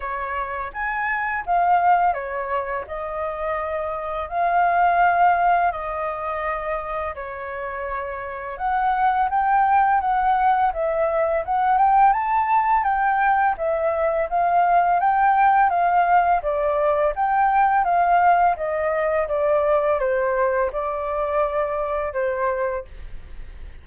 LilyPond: \new Staff \with { instrumentName = "flute" } { \time 4/4 \tempo 4 = 84 cis''4 gis''4 f''4 cis''4 | dis''2 f''2 | dis''2 cis''2 | fis''4 g''4 fis''4 e''4 |
fis''8 g''8 a''4 g''4 e''4 | f''4 g''4 f''4 d''4 | g''4 f''4 dis''4 d''4 | c''4 d''2 c''4 | }